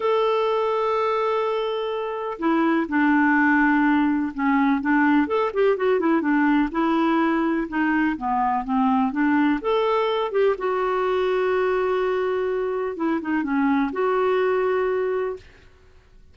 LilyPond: \new Staff \with { instrumentName = "clarinet" } { \time 4/4 \tempo 4 = 125 a'1~ | a'4 e'4 d'2~ | d'4 cis'4 d'4 a'8 g'8 | fis'8 e'8 d'4 e'2 |
dis'4 b4 c'4 d'4 | a'4. g'8 fis'2~ | fis'2. e'8 dis'8 | cis'4 fis'2. | }